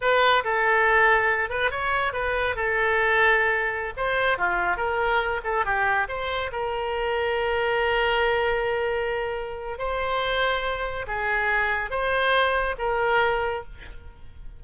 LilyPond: \new Staff \with { instrumentName = "oboe" } { \time 4/4 \tempo 4 = 141 b'4 a'2~ a'8 b'8 | cis''4 b'4 a'2~ | a'4~ a'16 c''4 f'4 ais'8.~ | ais'8. a'8 g'4 c''4 ais'8.~ |
ais'1~ | ais'2. c''4~ | c''2 gis'2 | c''2 ais'2 | }